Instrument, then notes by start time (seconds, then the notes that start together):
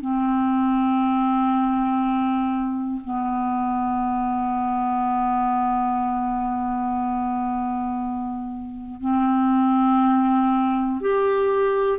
clarinet
0.00 C4
3.04 B3
9.00 C4
11.00 G4